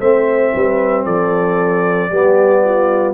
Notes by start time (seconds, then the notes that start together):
0.00 A3 C4 C5 E5
0.54 G3 B4
1.04 F3 A4 D5
2.09 G3 B3 G4
2.64 F4